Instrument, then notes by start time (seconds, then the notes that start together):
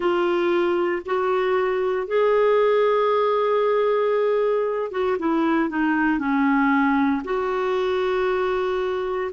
clarinet
0.00 F4
1.05 F#4
2.07 G#4
4.91 F#4
5.18 E4
5.69 D#4
6.18 C#4
7.24 F#4